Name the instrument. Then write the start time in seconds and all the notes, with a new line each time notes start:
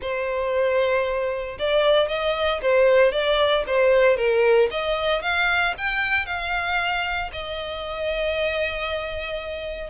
violin
0.01 C5
1.58 D5
2.08 D#5
2.62 C5
3.12 D5
3.66 C5
4.16 A#4
4.70 D#5
5.22 F5
5.77 G5
6.26 F5
7.32 D#5